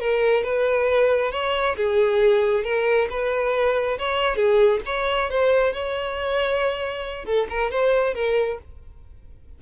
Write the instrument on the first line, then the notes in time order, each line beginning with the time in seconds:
violin
0.00 A#4
0.44 B4
1.32 C#5
1.77 G#4
2.64 A#4
3.10 B4
3.98 C#5
4.36 G#4
4.86 C#5
5.30 C5
5.73 C#5
7.26 A4
7.50 A#4
7.71 C5
8.14 A#4